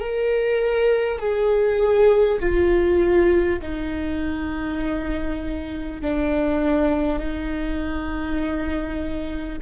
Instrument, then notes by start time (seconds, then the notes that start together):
viola
0.00 A#4
1.19 G#4
2.39 F4
3.61 D#4
6.01 D4
7.18 D#4